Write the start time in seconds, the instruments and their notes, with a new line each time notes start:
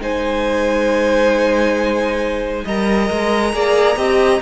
0.00 cello G#3, viola D#4, violin C5 G#5
2.65 cello G3, viola A#4, violin D#5 A#5
3.11 cello G#3
3.53 cello A#3, viola G#4, violin D5
3.96 cello C4, viola G4, violin D#5